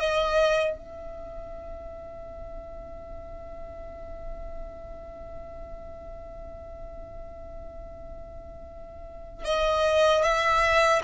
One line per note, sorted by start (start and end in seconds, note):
0.00 0.79 D#5
0.79 9.45 E5
9.45 10.23 D#5
10.23 11.02 E5